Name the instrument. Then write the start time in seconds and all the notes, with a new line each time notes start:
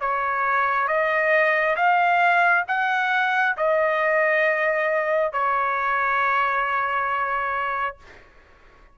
trumpet
0.00 C#5
0.87 D#5
1.76 F5
2.67 F#5
3.57 D#5
5.32 C#5